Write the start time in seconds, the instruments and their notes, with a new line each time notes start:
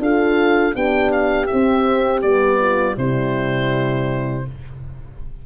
0.00 tuba D4, horn F4 A4, oboe F5
0.75 tuba B3, horn D4 G4, oboe G5
1.12 oboe F5
1.47 horn C4, oboe E5
1.53 tuba C4
2.22 tuba G3, horn B3, oboe D5
2.61 horn F4
2.98 tuba C3, horn G3 E4, oboe C5